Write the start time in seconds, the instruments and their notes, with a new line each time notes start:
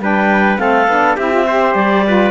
0.00 cello G3, saxophone D4, trumpet B4, clarinet G5
0.58 cello A3, saxophone C4, trumpet A4, clarinet F5
0.88 cello B3, saxophone D4
1.17 cello C4, saxophone E4, trumpet G4, clarinet E5
1.31 saxophone F4
1.47 saxophone G4, trumpet C5
1.75 cello G3, clarinet D5
2.07 saxophone F4, trumpet B4